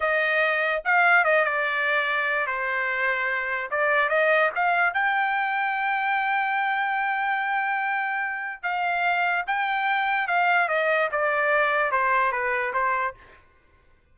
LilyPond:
\new Staff \with { instrumentName = "trumpet" } { \time 4/4 \tempo 4 = 146 dis''2 f''4 dis''8 d''8~ | d''2 c''2~ | c''4 d''4 dis''4 f''4 | g''1~ |
g''1~ | g''4 f''2 g''4~ | g''4 f''4 dis''4 d''4~ | d''4 c''4 b'4 c''4 | }